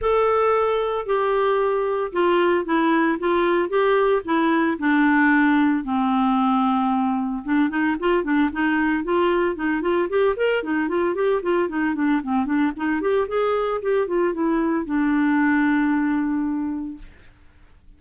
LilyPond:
\new Staff \with { instrumentName = "clarinet" } { \time 4/4 \tempo 4 = 113 a'2 g'2 | f'4 e'4 f'4 g'4 | e'4 d'2 c'4~ | c'2 d'8 dis'8 f'8 d'8 |
dis'4 f'4 dis'8 f'8 g'8 ais'8 | dis'8 f'8 g'8 f'8 dis'8 d'8 c'8 d'8 | dis'8 g'8 gis'4 g'8 f'8 e'4 | d'1 | }